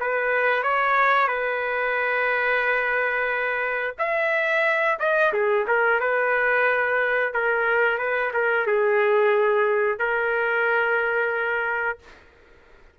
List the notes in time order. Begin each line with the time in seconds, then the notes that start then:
0.00 B4
0.63 C#5
1.28 B4
3.98 E5
4.99 D#5
5.33 G#4
5.67 A#4
6.00 B4
7.34 A#4
7.98 B4
8.33 A#4
8.67 G#4
9.99 A#4